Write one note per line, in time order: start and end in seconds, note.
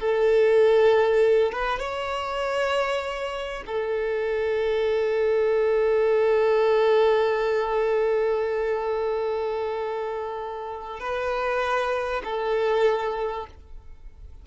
0.00 1.52 A4
1.52 1.80 B4
1.80 3.63 C#5
3.66 11.00 A4
11.00 12.22 B4
12.24 13.47 A4